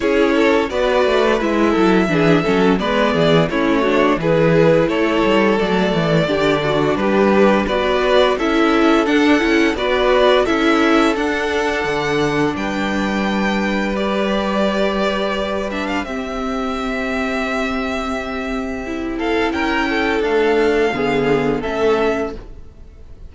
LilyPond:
<<
  \new Staff \with { instrumentName = "violin" } { \time 4/4 \tempo 4 = 86 cis''4 d''4 e''2 | d''4 cis''4 b'4 cis''4 | d''2 b'4 d''4 | e''4 fis''4 d''4 e''4 |
fis''2 g''2 | d''2~ d''8 e''16 f''16 e''4~ | e''2.~ e''8 f''8 | g''4 f''2 e''4 | }
  \new Staff \with { instrumentName = "violin" } { \time 4/4 gis'8 a'8 b'4. a'8 gis'8 a'8 | b'8 gis'8 e'8 fis'8 gis'4 a'4~ | a'4 g'8 fis'8 g'4 b'4 | a'2 b'4 a'4~ |
a'2 b'2~ | b'2. g'4~ | g'2.~ g'8 a'8 | ais'8 a'4. gis'4 a'4 | }
  \new Staff \with { instrumentName = "viola" } { \time 4/4 e'4 fis'4 e'4 d'8 cis'8 | b4 cis'8 d'8 e'2 | a4 d'2 fis'4 | e'4 d'8 e'8 fis'4 e'4 |
d'1 | g'2~ g'8 d'8 c'4~ | c'2. e'4~ | e'4 a4 b4 cis'4 | }
  \new Staff \with { instrumentName = "cello" } { \time 4/4 cis'4 b8 a8 gis8 fis8 e8 fis8 | gis8 e8 a4 e4 a8 g8 | fis8 e8 d4 g4 b4 | cis'4 d'8 cis'8 b4 cis'4 |
d'4 d4 g2~ | g2. c'4~ | c'1 | cis'4 d'4 d4 a4 | }
>>